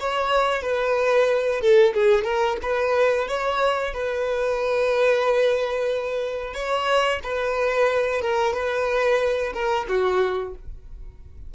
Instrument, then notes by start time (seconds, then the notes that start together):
violin
0.00 C#5
0.62 B4
1.61 A4
1.94 G#4
2.24 A#4
2.62 B4
3.28 C#5
3.94 B4
6.54 C#5
7.23 B4
8.21 A#4
8.54 B4
9.53 A#4
9.88 F#4